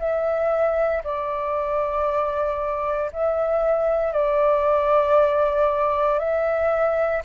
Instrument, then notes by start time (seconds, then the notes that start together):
flute
0.00 E5
1.04 D5
3.13 E5
4.13 D5
6.19 E5